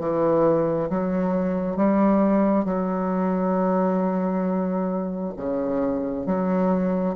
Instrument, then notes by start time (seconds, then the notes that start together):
bassoon
0.00 E3
0.90 F#3
1.77 G3
2.65 F#3
5.37 C#3
6.26 F#3